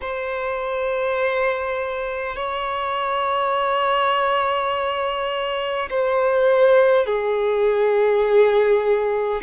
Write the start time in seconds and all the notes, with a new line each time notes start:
0.01 C5
2.36 C#5
5.90 C5
7.06 G#4